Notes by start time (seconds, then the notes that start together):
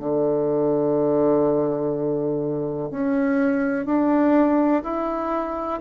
0.00 D3
2.91 C#4
3.86 D4
4.83 E4